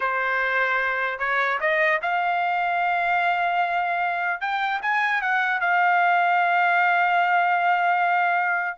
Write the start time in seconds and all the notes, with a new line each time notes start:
0.00 C5
1.18 C#5
1.60 D#5
2.02 F5
4.40 G5
4.82 G#5
5.21 F#5
5.60 F5